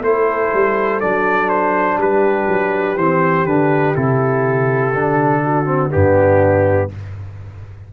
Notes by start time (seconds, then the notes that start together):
0.00 A3 E4 A4 C5
0.54 G3
1.01 F#3 D4 D5
1.49 C5
1.98 G3 G4 B4
2.48 F#3
2.97 E3 C4 C5
3.46 D3 D4 B4
3.95 C3 E4 A4
4.95 D3 D4
5.44 F#4
5.65 C4
5.91 G2 B3 D4 G4